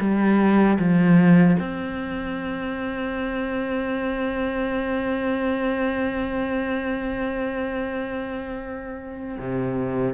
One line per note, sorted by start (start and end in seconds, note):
0.00 0.78 G3
0.79 1.57 F3
1.59 9.38 C4
9.39 10.14 C3